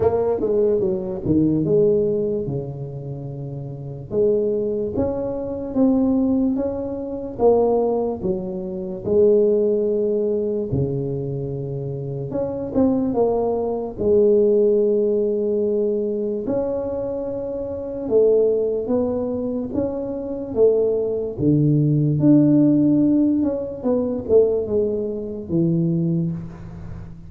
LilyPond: \new Staff \with { instrumentName = "tuba" } { \time 4/4 \tempo 4 = 73 ais8 gis8 fis8 dis8 gis4 cis4~ | cis4 gis4 cis'4 c'4 | cis'4 ais4 fis4 gis4~ | gis4 cis2 cis'8 c'8 |
ais4 gis2. | cis'2 a4 b4 | cis'4 a4 d4 d'4~ | d'8 cis'8 b8 a8 gis4 e4 | }